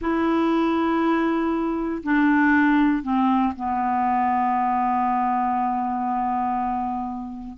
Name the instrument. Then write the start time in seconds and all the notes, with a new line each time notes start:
clarinet
0.01 E4
2.03 D4
3.03 C4
3.56 B3